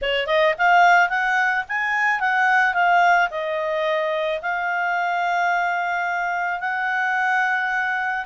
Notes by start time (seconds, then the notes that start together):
0.01 C#5
0.26 D#5
0.58 F5
1.09 F#5
1.68 G#5
2.20 F#5
2.73 F5
3.30 D#5
4.41 F5
6.60 F#5